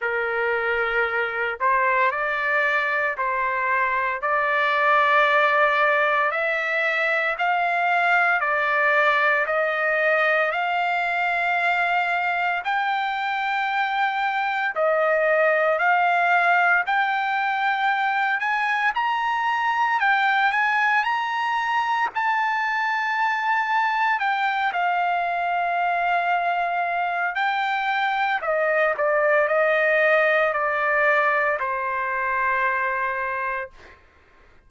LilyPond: \new Staff \with { instrumentName = "trumpet" } { \time 4/4 \tempo 4 = 57 ais'4. c''8 d''4 c''4 | d''2 e''4 f''4 | d''4 dis''4 f''2 | g''2 dis''4 f''4 |
g''4. gis''8 ais''4 g''8 gis''8 | ais''4 a''2 g''8 f''8~ | f''2 g''4 dis''8 d''8 | dis''4 d''4 c''2 | }